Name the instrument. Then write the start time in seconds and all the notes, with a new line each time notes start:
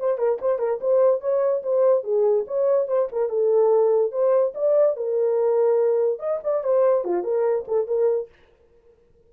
horn
0.00 C5
0.18 A#4
0.41 C5
0.59 A#4
0.81 C5
1.21 C#5
1.63 C5
2.04 G#4
2.47 C#5
2.88 C5
3.12 A#4
3.29 A4
4.12 C5
4.55 D5
4.97 A#4
6.20 D#5
6.44 D5
6.64 C5
7.05 F4
7.24 A#4
7.68 A4
7.87 A#4